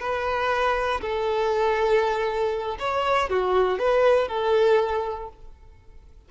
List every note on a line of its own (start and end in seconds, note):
0.00 1.01 B4
1.01 2.78 A4
2.79 3.30 C#5
3.30 3.79 F#4
3.79 4.28 B4
4.28 5.29 A4